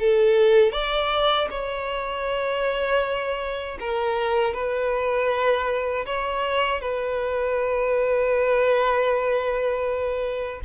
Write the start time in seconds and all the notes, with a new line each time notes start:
0.00 A4
0.73 D5
1.51 C#5
3.80 A#4
4.54 B4
6.07 C#5
6.81 B4